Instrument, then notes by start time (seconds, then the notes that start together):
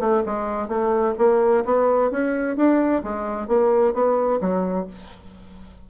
bassoon
0.00 A3
0.26 G#3
0.68 A3
1.18 A#3
1.65 B3
2.11 C#4
2.56 D4
3.03 G#3
3.48 A#3
3.94 B3
4.41 F#3